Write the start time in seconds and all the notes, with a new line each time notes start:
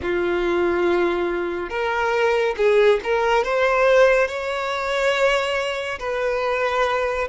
0.02 F4
1.69 A#4
2.57 G#4
3.03 A#4
3.44 C5
4.27 C#5
5.99 B4